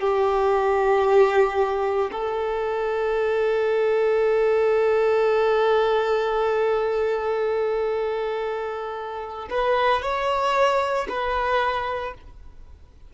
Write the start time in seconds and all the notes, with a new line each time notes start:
0.00 G4
2.11 A4
9.50 B4
10.02 C#5
11.09 B4